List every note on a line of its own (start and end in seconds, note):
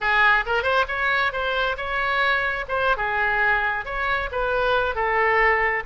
0.00 0.44 G#4
0.46 0.63 A#4
0.63 0.85 C5
0.88 1.32 C#5
1.32 1.76 C5
1.77 2.65 C#5
2.68 2.97 C5
2.97 3.85 G#4
3.85 4.29 C#5
4.31 4.95 B4
4.95 5.83 A4